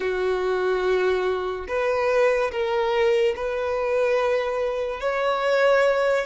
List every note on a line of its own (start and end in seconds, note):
0.00 1.66 F#4
1.67 2.51 B4
2.51 3.34 A#4
3.35 5.00 B4
5.00 6.25 C#5